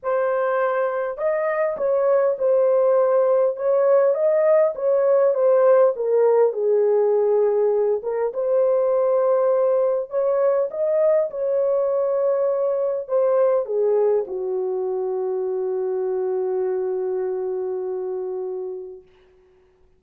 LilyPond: \new Staff \with { instrumentName = "horn" } { \time 4/4 \tempo 4 = 101 c''2 dis''4 cis''4 | c''2 cis''4 dis''4 | cis''4 c''4 ais'4 gis'4~ | gis'4. ais'8 c''2~ |
c''4 cis''4 dis''4 cis''4~ | cis''2 c''4 gis'4 | fis'1~ | fis'1 | }